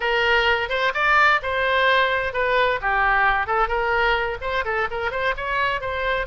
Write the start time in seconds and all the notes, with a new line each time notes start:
0.00 A#4
0.69 C5
0.94 D5
1.42 C5
2.33 B4
2.81 G4
3.47 A4
3.67 A#4
4.41 C5
4.64 A4
4.91 A#4
5.11 C5
5.36 C#5
5.80 C5